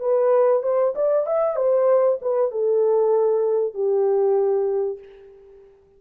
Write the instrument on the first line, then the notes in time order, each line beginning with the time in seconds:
horn
0.00 B4
0.63 C5
0.95 D5
1.26 E5
1.56 C5
2.21 B4
2.51 A4
3.74 G4